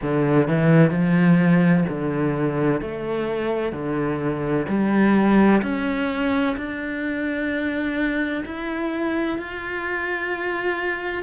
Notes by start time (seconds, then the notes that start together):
0.02 D3
0.47 E3
0.90 F3
1.88 D3
2.81 A3
3.72 D3
4.68 G3
5.62 C#4
6.56 D4
8.45 E4
9.38 F4